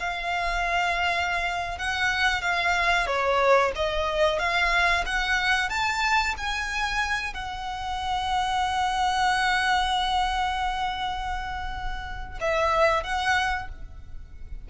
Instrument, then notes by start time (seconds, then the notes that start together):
violin
0.00 F5
1.78 F#5
2.42 F5
3.07 C#5
3.76 D#5
4.39 F5
5.06 F#5
5.70 A5
6.38 G#5
7.34 F#5
12.41 E5
13.04 F#5